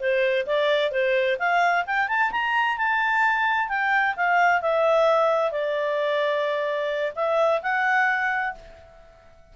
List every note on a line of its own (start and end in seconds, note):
0.00 0.46 C5
0.47 0.92 D5
0.92 1.38 C5
1.39 1.85 F5
1.87 2.09 G5
2.09 2.32 A5
2.32 2.78 A#5
2.78 3.69 A5
3.69 4.15 G5
4.16 4.62 F5
4.62 5.52 E5
5.52 7.13 D5
7.16 7.62 E5
7.63 8.55 F#5